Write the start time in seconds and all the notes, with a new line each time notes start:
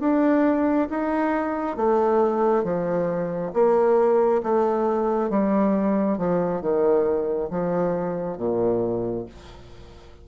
0.00 D4
0.90 D#4
1.77 A3
2.64 F3
3.53 A#3
4.43 A3
5.30 G3
6.18 F3
6.61 D#3
7.50 F3
8.37 A#2